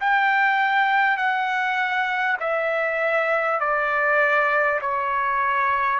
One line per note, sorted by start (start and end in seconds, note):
0.00 1.17 G5
1.17 2.37 F#5
2.39 3.59 E5
3.59 4.79 D5
4.81 5.99 C#5